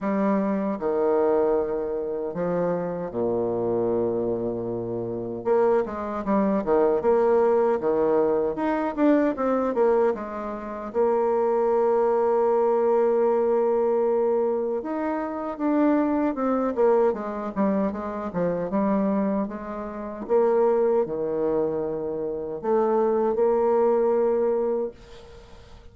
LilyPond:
\new Staff \with { instrumentName = "bassoon" } { \time 4/4 \tempo 4 = 77 g4 dis2 f4 | ais,2. ais8 gis8 | g8 dis8 ais4 dis4 dis'8 d'8 | c'8 ais8 gis4 ais2~ |
ais2. dis'4 | d'4 c'8 ais8 gis8 g8 gis8 f8 | g4 gis4 ais4 dis4~ | dis4 a4 ais2 | }